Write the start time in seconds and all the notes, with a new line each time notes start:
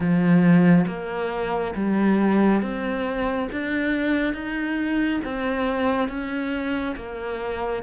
0.00 F3
0.87 A#3
1.75 G3
2.61 C4
3.52 D4
4.33 D#4
5.24 C4
6.08 C#4
6.96 A#3